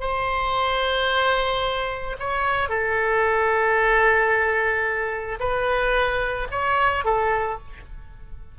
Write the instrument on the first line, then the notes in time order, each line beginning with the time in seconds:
oboe
0.00 C5
2.19 C#5
2.69 A4
5.39 B4
6.50 C#5
7.04 A4